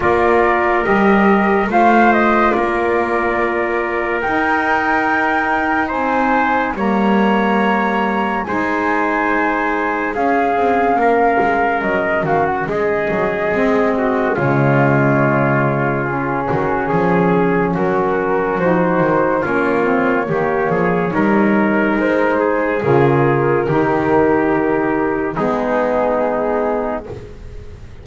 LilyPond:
<<
  \new Staff \with { instrumentName = "flute" } { \time 4/4 \tempo 4 = 71 d''4 dis''4 f''8 dis''8 d''4~ | d''4 g''2 gis''4 | ais''2 gis''2 | f''2 dis''8 f''16 fis''16 dis''4~ |
dis''4 cis''2 gis'4~ | gis'4 ais'4 c''4 cis''4~ | cis''2 c''4 ais'4~ | ais'2 gis'2 | }
  \new Staff \with { instrumentName = "trumpet" } { \time 4/4 ais'2 c''4 ais'4~ | ais'2. c''4 | cis''2 c''2 | gis'4 ais'4. fis'8 gis'4~ |
gis'8 fis'8 f'2~ f'8 fis'8 | gis'4 fis'2 f'4 | g'8 gis'8 ais'4. gis'4. | g'2 dis'2 | }
  \new Staff \with { instrumentName = "saxophone" } { \time 4/4 f'4 g'4 f'2~ | f'4 dis'2. | ais2 dis'2 | cis'1 |
c'4 gis2 cis'4~ | cis'2 dis'4 cis'8 c'8 | ais4 dis'2 f'4 | dis'2 b2 | }
  \new Staff \with { instrumentName = "double bass" } { \time 4/4 ais4 g4 a4 ais4~ | ais4 dis'2 c'4 | g2 gis2 | cis'8 c'8 ais8 gis8 fis8 dis8 gis8 fis8 |
gis4 cis2~ cis8 dis8 | f4 fis4 f8 dis8 ais4 | dis8 f8 g4 gis4 cis4 | dis2 gis2 | }
>>